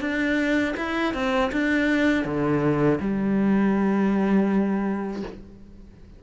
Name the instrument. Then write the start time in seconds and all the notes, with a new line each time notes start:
cello
0.00 D4
0.77 E4
1.14 C4
1.52 D4
2.25 D3
3.00 G3